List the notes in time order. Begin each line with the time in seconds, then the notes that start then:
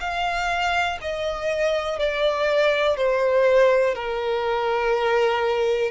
0.00 F5
1.01 D#5
1.99 D5
2.97 C5
3.95 A#4